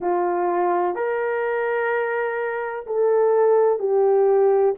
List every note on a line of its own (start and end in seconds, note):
0.00 0.95 F4
0.95 2.85 A#4
2.86 3.79 A4
3.79 4.74 G4